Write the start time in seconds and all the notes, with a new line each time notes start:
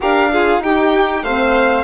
0.00 D4 G4 A#4 F5
0.31 F4 G#4
0.59 D#4 G4 G5
1.23 A3 C4 C5 F5